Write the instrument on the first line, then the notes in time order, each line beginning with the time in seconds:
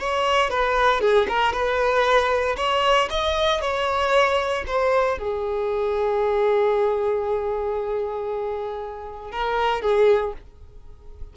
violin
0.00 C#5
0.51 B4
1.01 G#4
1.29 A#4
1.53 B4
2.57 C#5
3.11 D#5
3.62 C#5
4.67 C5
5.19 G#4
9.32 A#4
9.82 G#4